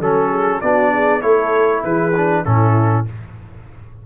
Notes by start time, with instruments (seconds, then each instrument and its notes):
0.00 tuba F#3, trombone C#4, horn A4, trumpet A4
0.28 horn G#4
0.61 tuba B3, trombone D4, horn F#4, trumpet D5
0.93 horn G#4
1.22 tuba A3, trombone E4, horn A4, trumpet C#5
1.84 tuba E3, horn G#4, trumpet B4
2.16 trombone D4
2.45 tuba A2, trombone C#4, horn E4, trumpet A4